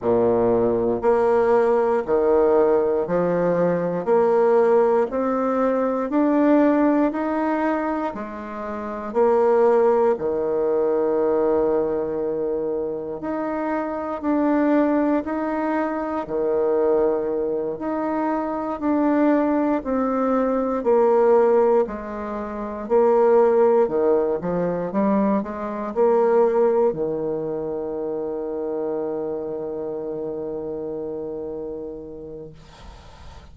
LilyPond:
\new Staff \with { instrumentName = "bassoon" } { \time 4/4 \tempo 4 = 59 ais,4 ais4 dis4 f4 | ais4 c'4 d'4 dis'4 | gis4 ais4 dis2~ | dis4 dis'4 d'4 dis'4 |
dis4. dis'4 d'4 c'8~ | c'8 ais4 gis4 ais4 dis8 | f8 g8 gis8 ais4 dis4.~ | dis1 | }